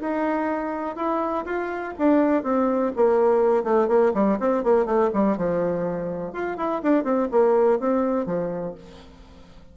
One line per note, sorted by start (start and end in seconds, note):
0.00 0.96 D#4
0.96 1.44 E4
1.45 1.94 F4
1.98 2.43 D4
2.43 2.92 C4
2.95 3.63 A#3
3.63 3.88 A3
3.88 4.12 A#3
4.14 4.38 G3
4.39 4.63 C4
4.63 4.85 A#3
4.85 5.10 A3
5.13 5.37 G3
5.37 6.33 F3
6.33 6.57 F4
6.57 6.81 E4
6.82 7.04 D4
7.04 7.28 C4
7.31 7.79 A#3
7.79 8.25 C4
8.25 8.74 F3